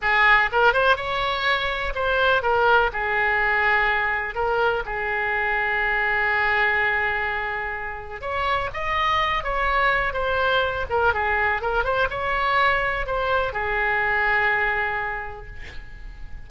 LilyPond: \new Staff \with { instrumentName = "oboe" } { \time 4/4 \tempo 4 = 124 gis'4 ais'8 c''8 cis''2 | c''4 ais'4 gis'2~ | gis'4 ais'4 gis'2~ | gis'1~ |
gis'4 cis''4 dis''4. cis''8~ | cis''4 c''4. ais'8 gis'4 | ais'8 c''8 cis''2 c''4 | gis'1 | }